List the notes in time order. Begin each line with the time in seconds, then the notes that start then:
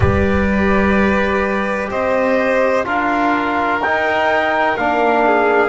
0.00 G3 G4 B4 D5
1.89 C4 C5 D#5
2.85 D4 F4 A#4 F5
3.81 D#4 G5
4.77 A#3 D4 F5
5.26 G#4